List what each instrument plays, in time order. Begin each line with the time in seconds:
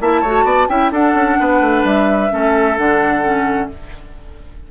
0.00 bassoon A#3, clarinet E4, oboe E5, flute A5
0.21 bassoon A3, clarinet F#4, oboe C#5
0.44 bassoon B3, oboe D5
0.68 bassoon C#4, clarinet E4, oboe E5, flute G5
0.91 bassoon D4, clarinet D4, oboe A4, flute F#5
1.14 bassoon C#4
1.40 bassoon B3, oboe B4
1.60 bassoon A3
1.84 bassoon G3, flute E5
2.30 bassoon A3, clarinet C#4, oboe A4
2.77 bassoon D3, clarinet D4, flute F#5
3.22 clarinet C#4